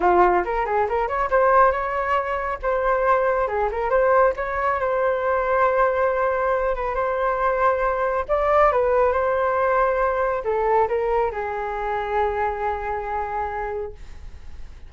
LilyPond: \new Staff \with { instrumentName = "flute" } { \time 4/4 \tempo 4 = 138 f'4 ais'8 gis'8 ais'8 cis''8 c''4 | cis''2 c''2 | gis'8 ais'8 c''4 cis''4 c''4~ | c''2.~ c''8 b'8 |
c''2. d''4 | b'4 c''2. | a'4 ais'4 gis'2~ | gis'1 | }